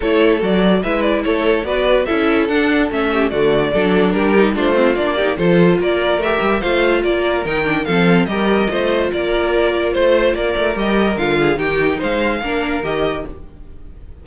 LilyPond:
<<
  \new Staff \with { instrumentName = "violin" } { \time 4/4 \tempo 4 = 145 cis''4 d''4 e''8 d''8 cis''4 | d''4 e''4 fis''4 e''4 | d''2 ais'4 c''4 | d''4 c''4 d''4 e''4 |
f''4 d''4 g''4 f''4 | dis''2 d''2 | c''4 d''4 dis''4 f''4 | g''4 f''2 dis''4 | }
  \new Staff \with { instrumentName = "violin" } { \time 4/4 a'2 b'4 a'4 | b'4 a'2~ a'8 g'8 | fis'4 a'4 g'4 f'4~ | f'8 g'8 a'4 ais'2 |
c''4 ais'2 a'4 | ais'4 c''4 ais'2 | c''4 ais'2~ ais'8 gis'8 | g'4 c''4 ais'2 | }
  \new Staff \with { instrumentName = "viola" } { \time 4/4 e'4 fis'4 e'2 | fis'4 e'4 d'4 cis'4 | a4 d'4. dis'8 d'8 c'8 | d'8 dis'8 f'2 g'4 |
f'2 dis'8 d'8 c'4 | g'4 f'2.~ | f'2 g'4 f'4 | dis'2 d'4 g'4 | }
  \new Staff \with { instrumentName = "cello" } { \time 4/4 a4 fis4 gis4 a4 | b4 cis'4 d'4 a4 | d4 fis4 g4 a4 | ais4 f4 ais4 a8 g8 |
a4 ais4 dis4 f4 | g4 a4 ais2 | a4 ais8 a8 g4 d4 | dis4 gis4 ais4 dis4 | }
>>